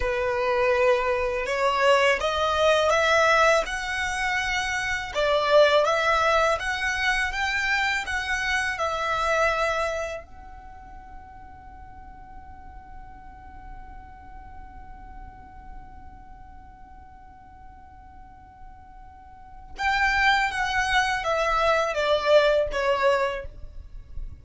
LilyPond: \new Staff \with { instrumentName = "violin" } { \time 4/4 \tempo 4 = 82 b'2 cis''4 dis''4 | e''4 fis''2 d''4 | e''4 fis''4 g''4 fis''4 | e''2 fis''2~ |
fis''1~ | fis''1~ | fis''2. g''4 | fis''4 e''4 d''4 cis''4 | }